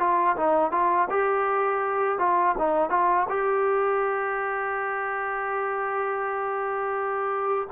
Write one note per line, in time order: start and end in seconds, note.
0.00 0.37 F4
0.37 0.72 D#4
0.72 1.08 F4
1.10 2.19 G4
2.19 2.55 F4
2.58 2.90 D#4
2.90 3.27 F4
3.29 7.68 G4